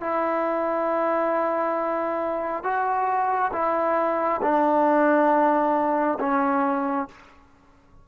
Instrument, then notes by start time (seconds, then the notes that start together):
trombone
0.00 E4
2.63 F#4
3.52 E4
4.42 D4
6.19 C#4